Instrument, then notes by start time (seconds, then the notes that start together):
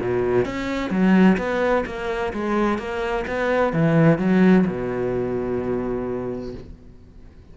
cello
0.00 B2
0.45 C#4
0.90 F#3
1.37 B3
1.86 A#3
2.33 G#3
2.78 A#3
3.27 B3
3.73 E3
4.18 F#3
4.67 B2